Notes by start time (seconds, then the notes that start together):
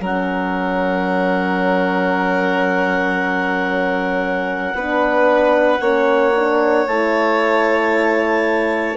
0.00 F#3 C#4 A#4 F#5
4.74 B3 D4 B4
5.81 A#3 C#4 C#5
6.36 D4
6.87 A3 E4 A5